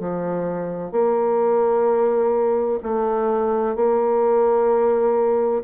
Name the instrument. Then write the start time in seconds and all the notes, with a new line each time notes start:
bassoon
0.00 F3
0.92 A#3
2.83 A3
3.76 A#3